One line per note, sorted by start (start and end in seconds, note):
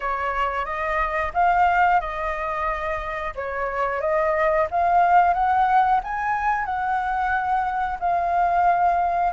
0.00 0.65 C#5
0.65 1.32 D#5
1.33 2.00 F5
2.00 3.33 D#5
3.35 4.00 C#5
4.00 4.67 D#5
4.71 5.33 F5
5.33 6.00 F#5
6.03 6.65 G#5
6.65 7.98 F#5
7.99 9.32 F5